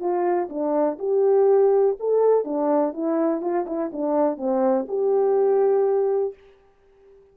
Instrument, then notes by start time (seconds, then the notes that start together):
horn
0.00 F4
0.50 D4
0.99 G4
2.00 A4
2.45 D4
2.94 E4
3.42 F4
3.67 E4
3.93 D4
4.37 C4
4.88 G4